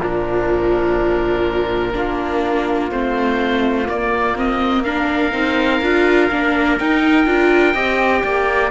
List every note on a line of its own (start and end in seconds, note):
0.00 1.95 A#2
0.00 1.93 F3
0.00 1.96 D4
0.00 2.92 A#4
1.93 2.92 A#3
1.93 2.90 D4
1.93 4.85 F4
2.92 3.88 A3
2.92 3.86 C4
2.92 3.89 C5
3.86 4.34 A#3
3.86 5.33 A#3
3.86 4.38 D5
4.36 4.85 C4
4.36 4.83 D#5
4.83 5.32 D4
4.83 7.74 A#4
4.83 6.77 F5
5.32 5.82 C4
5.32 5.81 D#4
5.82 6.30 D4
5.82 6.31 F4
6.31 6.80 A#3
6.31 6.79 D4
6.79 7.26 D#4
6.79 8.71 G5
7.26 7.75 D4
7.26 7.74 F4
7.74 8.23 C4
7.74 8.71 G4
7.74 8.23 D#5
8.23 8.71 A#3
8.23 8.71 D5